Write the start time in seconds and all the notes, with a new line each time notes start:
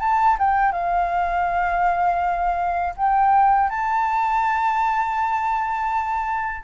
0.00 A5
0.39 G5
0.72 F5
2.97 G5
3.70 A5